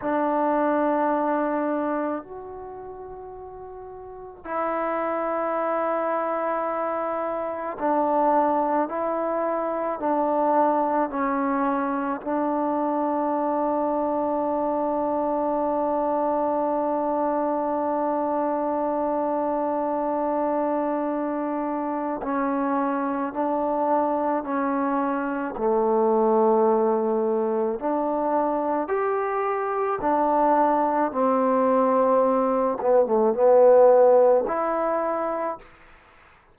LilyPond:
\new Staff \with { instrumentName = "trombone" } { \time 4/4 \tempo 4 = 54 d'2 fis'2 | e'2. d'4 | e'4 d'4 cis'4 d'4~ | d'1~ |
d'1 | cis'4 d'4 cis'4 a4~ | a4 d'4 g'4 d'4 | c'4. b16 a16 b4 e'4 | }